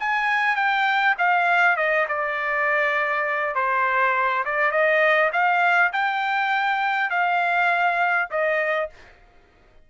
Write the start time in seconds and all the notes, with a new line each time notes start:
0.00 G#5
0.56 G5
1.18 F5
1.77 D#5
2.08 D5
3.55 C5
4.45 D5
4.71 D#5
5.32 F5
5.93 G5
7.10 F5
8.30 D#5